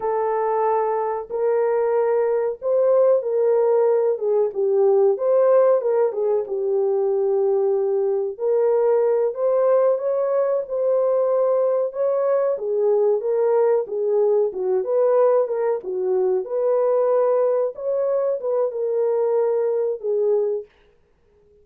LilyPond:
\new Staff \with { instrumentName = "horn" } { \time 4/4 \tempo 4 = 93 a'2 ais'2 | c''4 ais'4. gis'8 g'4 | c''4 ais'8 gis'8 g'2~ | g'4 ais'4. c''4 cis''8~ |
cis''8 c''2 cis''4 gis'8~ | gis'8 ais'4 gis'4 fis'8 b'4 | ais'8 fis'4 b'2 cis''8~ | cis''8 b'8 ais'2 gis'4 | }